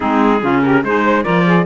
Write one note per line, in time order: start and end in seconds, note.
0.00 0.43 G#3
0.00 0.39 C4
0.00 0.41 D#4
0.00 0.61 G#4
0.41 0.83 C#3
0.41 0.84 C#4
0.41 0.62 F4
0.61 0.84 G4
0.61 0.82 A#4
0.83 1.24 G#3
0.83 1.23 D#4
0.83 1.03 G#4
0.83 1.23 C5
1.03 1.23 C5
1.23 1.66 F3
1.23 1.64 F4
1.23 1.44 A#4
1.23 1.65 D5
1.46 1.66 G#4